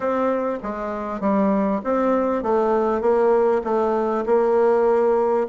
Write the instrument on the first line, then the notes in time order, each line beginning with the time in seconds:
bassoon
0.00 C4
0.62 G#3
1.20 G3
1.84 C4
2.42 A3
3.01 A#3
3.64 A3
4.26 A#3